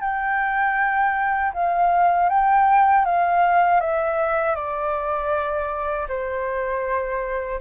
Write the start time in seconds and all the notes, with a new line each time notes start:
0.00 G5
1.53 F5
2.29 G5
3.05 F5
3.80 E5
4.55 D5
6.08 C5